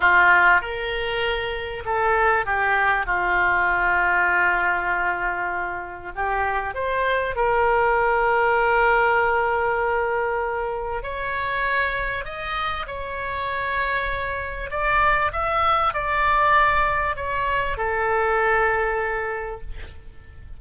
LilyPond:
\new Staff \with { instrumentName = "oboe" } { \time 4/4 \tempo 4 = 98 f'4 ais'2 a'4 | g'4 f'2.~ | f'2 g'4 c''4 | ais'1~ |
ais'2 cis''2 | dis''4 cis''2. | d''4 e''4 d''2 | cis''4 a'2. | }